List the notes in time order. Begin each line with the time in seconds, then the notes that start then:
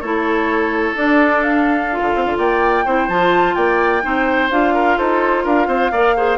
0.00 A3 E4 A4 C#5
0.94 D4 D5
1.42 F5
1.91 F4
2.01 D3
2.15 C4
2.25 D3
2.38 A#3 D5 G5
2.85 C4 E4 C5
3.08 F3 F4 A5
3.54 A#3 D5 G5
4.02 C4 D#4 C5
4.50 D4 F4 F5
4.74 A#4
4.97 D#4 A4 C5
5.43 D4 A#4 F5
5.67 C4 C5
5.91 A#3 A#4 D5
6.16 G#4 C5